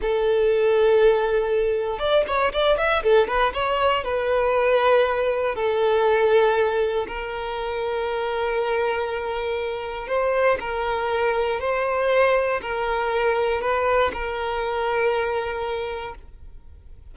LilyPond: \new Staff \with { instrumentName = "violin" } { \time 4/4 \tempo 4 = 119 a'1 | d''8 cis''8 d''8 e''8 a'8 b'8 cis''4 | b'2. a'4~ | a'2 ais'2~ |
ais'1 | c''4 ais'2 c''4~ | c''4 ais'2 b'4 | ais'1 | }